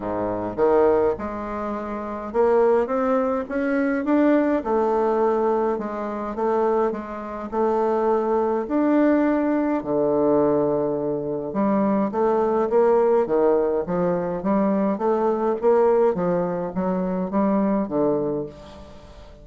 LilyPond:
\new Staff \with { instrumentName = "bassoon" } { \time 4/4 \tempo 4 = 104 gis,4 dis4 gis2 | ais4 c'4 cis'4 d'4 | a2 gis4 a4 | gis4 a2 d'4~ |
d'4 d2. | g4 a4 ais4 dis4 | f4 g4 a4 ais4 | f4 fis4 g4 d4 | }